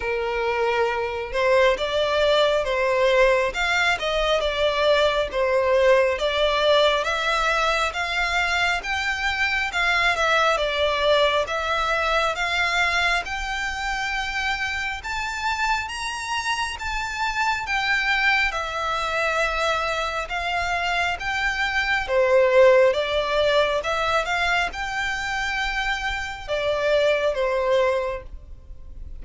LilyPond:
\new Staff \with { instrumentName = "violin" } { \time 4/4 \tempo 4 = 68 ais'4. c''8 d''4 c''4 | f''8 dis''8 d''4 c''4 d''4 | e''4 f''4 g''4 f''8 e''8 | d''4 e''4 f''4 g''4~ |
g''4 a''4 ais''4 a''4 | g''4 e''2 f''4 | g''4 c''4 d''4 e''8 f''8 | g''2 d''4 c''4 | }